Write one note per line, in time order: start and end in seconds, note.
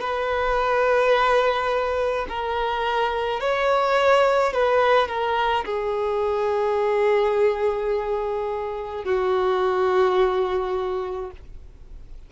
0.00 2.26 B4
2.29 3.40 A#4
3.40 4.53 C#5
4.53 5.08 B4
5.08 5.64 A#4
5.65 9.05 G#4
9.05 11.31 F#4